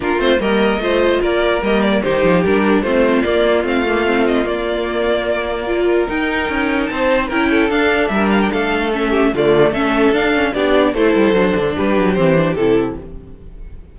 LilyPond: <<
  \new Staff \with { instrumentName = "violin" } { \time 4/4 \tempo 4 = 148 ais'8 c''8 dis''2 d''4 | dis''8 d''8 c''4 ais'4 c''4 | d''4 f''4. dis''8 d''4~ | d''2. g''4~ |
g''4 a''4 g''4 f''4 | e''8 f''16 g''16 f''4 e''4 d''4 | e''4 f''4 d''4 c''4~ | c''4 b'4 c''4 a'4 | }
  \new Staff \with { instrumentName = "violin" } { \time 4/4 f'4 ais'4 c''4 ais'4~ | ais'4 g'2 f'4~ | f'1~ | f'2 ais'2~ |
ais'4 c''4 ais'8 a'4. | ais'4 a'4. g'8 f'4 | a'2 g'4 a'4~ | a'4 g'2. | }
  \new Staff \with { instrumentName = "viola" } { \time 4/4 d'8 c'8 ais4 f'2 | ais4 dis'4 d'4 c'4 | ais4 c'8 ais8 c'4 ais4~ | ais2 f'4 dis'4~ |
dis'2 e'4 d'4~ | d'2 cis'4 a4 | cis'4 d'8 cis'8 d'4 e'4 | d'2 c'8 d'8 e'4 | }
  \new Staff \with { instrumentName = "cello" } { \time 4/4 ais8 a8 g4 a4 ais4 | g4 dis8 f8 g4 a4 | ais4 a2 ais4~ | ais2. dis'4 |
cis'4 c'4 cis'4 d'4 | g4 a2 d4 | a4 d'4 b4 a8 g8 | fis8 d8 g8 fis8 e4 c4 | }
>>